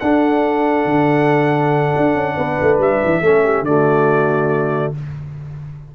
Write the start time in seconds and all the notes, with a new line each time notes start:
0.00 D4 A4 F#5
0.86 D3
1.97 D4
2.15 C#4
2.36 B3 B4
2.62 A3
2.79 G3 E5
3.05 E3
3.22 A3 C#4 A4
3.45 G4
3.62 D3 A3 F#4 D5